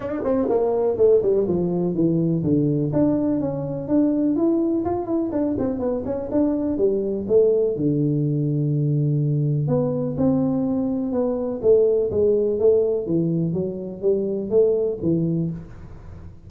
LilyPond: \new Staff \with { instrumentName = "tuba" } { \time 4/4 \tempo 4 = 124 d'8 c'8 ais4 a8 g8 f4 | e4 d4 d'4 cis'4 | d'4 e'4 f'8 e'8 d'8 c'8 | b8 cis'8 d'4 g4 a4 |
d1 | b4 c'2 b4 | a4 gis4 a4 e4 | fis4 g4 a4 e4 | }